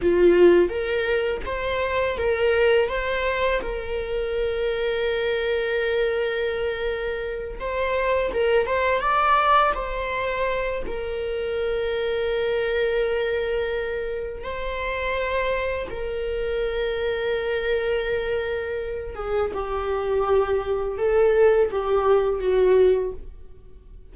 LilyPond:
\new Staff \with { instrumentName = "viola" } { \time 4/4 \tempo 4 = 83 f'4 ais'4 c''4 ais'4 | c''4 ais'2.~ | ais'2~ ais'8 c''4 ais'8 | c''8 d''4 c''4. ais'4~ |
ais'1 | c''2 ais'2~ | ais'2~ ais'8 gis'8 g'4~ | g'4 a'4 g'4 fis'4 | }